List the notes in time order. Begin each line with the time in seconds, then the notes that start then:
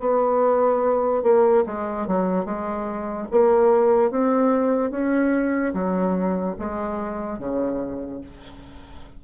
0.00 B3
1.23 A#3
1.67 G#3
2.08 F#3
2.46 G#3
3.32 A#3
4.11 C4
4.91 C#4
5.74 F#3
6.59 G#3
7.39 C#3